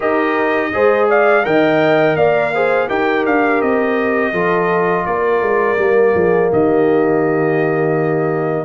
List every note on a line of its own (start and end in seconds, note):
0.00 0.73 D#4
0.00 0.72 G4
0.00 0.70 A#4
0.00 1.09 D#5
0.73 1.45 G#3
0.73 1.43 G#4
0.73 1.09 C5
1.09 1.45 D5
1.09 1.45 F5
1.43 2.15 D#3
1.43 2.52 A#4
1.43 2.17 D#5
1.43 2.16 G5
2.15 2.87 A#3
2.15 2.53 D5
2.15 2.88 F5
2.54 2.89 G#4
2.54 2.88 C5
2.88 3.25 D#4
2.88 4.33 G4
2.88 4.32 A#4
2.88 3.25 G5
3.25 3.61 D4
3.25 3.61 F5
3.61 4.32 C4
3.61 5.05 D#5
4.32 5.05 F3
4.32 5.77 F4
4.32 5.04 A4
5.05 5.41 A#3
5.05 6.15 A#4
5.05 6.50 D5
5.41 5.77 G#3
5.77 6.14 G3
5.77 8.65 A#3
6.14 6.50 F3
6.14 6.51 G#4
6.52 8.65 D#3
6.52 8.65 G4
6.52 8.65 D#5